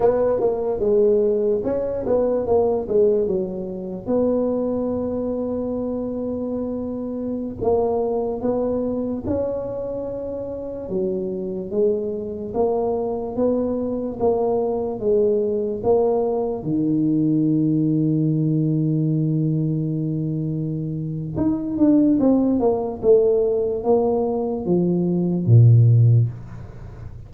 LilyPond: \new Staff \with { instrumentName = "tuba" } { \time 4/4 \tempo 4 = 73 b8 ais8 gis4 cis'8 b8 ais8 gis8 | fis4 b2.~ | b4~ b16 ais4 b4 cis'8.~ | cis'4~ cis'16 fis4 gis4 ais8.~ |
ais16 b4 ais4 gis4 ais8.~ | ais16 dis2.~ dis8.~ | dis2 dis'8 d'8 c'8 ais8 | a4 ais4 f4 ais,4 | }